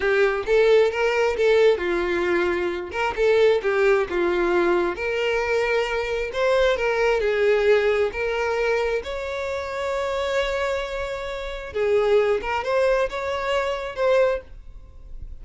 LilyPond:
\new Staff \with { instrumentName = "violin" } { \time 4/4 \tempo 4 = 133 g'4 a'4 ais'4 a'4 | f'2~ f'8 ais'8 a'4 | g'4 f'2 ais'4~ | ais'2 c''4 ais'4 |
gis'2 ais'2 | cis''1~ | cis''2 gis'4. ais'8 | c''4 cis''2 c''4 | }